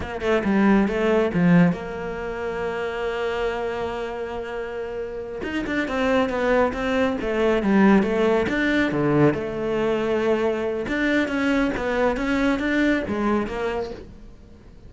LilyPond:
\new Staff \with { instrumentName = "cello" } { \time 4/4 \tempo 4 = 138 ais8 a8 g4 a4 f4 | ais1~ | ais1~ | ais8 dis'8 d'8 c'4 b4 c'8~ |
c'8 a4 g4 a4 d'8~ | d'8 d4 a2~ a8~ | a4 d'4 cis'4 b4 | cis'4 d'4 gis4 ais4 | }